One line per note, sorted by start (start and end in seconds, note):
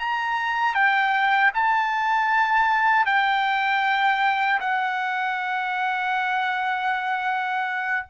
0.00 0.75 A#5
0.75 1.52 G5
1.55 3.06 A5
3.06 4.60 G5
4.61 8.07 F#5